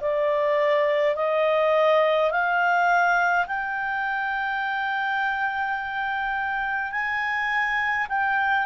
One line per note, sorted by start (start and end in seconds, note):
0.00 1.15 D5
1.15 2.30 D#5
2.30 3.46 F5
3.46 6.91 G5
6.91 8.07 G#5
8.09 8.66 G5